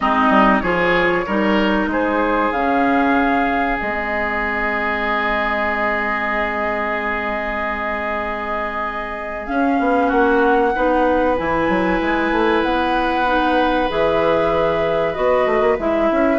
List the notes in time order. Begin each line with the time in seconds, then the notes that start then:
0.00 G#3 C4 D#4 D#5
0.29 G3
0.60 F3 F4 G#4 C#5
1.26 G3 D#4 A#4
1.86 G#3 G#4 C5
2.51 C#3 C#4 F5
3.79 G#3 C4 D#5
9.46 C#4 F5
9.79 B3
10.07 A#3 F#4 F#5
10.75 B3 D#4 B4
11.37 E3 E4 G#5
11.68 F#3
12.00 G#3
12.31 A3
12.62 B3 F#5
13.26 D#4
13.89 E3 G#4 E5
15.13 B3 F#4 D#5
15.46 A3
15.61 A#3
15.78 G#3 E4 E5
16.11 C#4